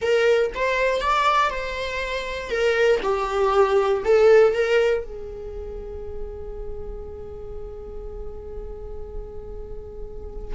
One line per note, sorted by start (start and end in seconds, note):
0.01 0.52 A#4
0.54 1.01 C5
1.01 1.50 D5
1.50 2.50 C5
2.50 3.00 A#4
3.02 4.03 G4
4.05 4.53 A4
4.53 5.04 A#4
5.04 10.54 G#4